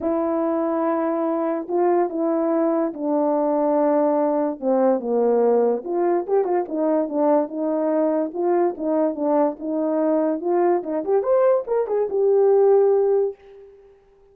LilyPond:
\new Staff \with { instrumentName = "horn" } { \time 4/4 \tempo 4 = 144 e'1 | f'4 e'2 d'4~ | d'2. c'4 | ais2 f'4 g'8 f'8 |
dis'4 d'4 dis'2 | f'4 dis'4 d'4 dis'4~ | dis'4 f'4 dis'8 g'8 c''4 | ais'8 gis'8 g'2. | }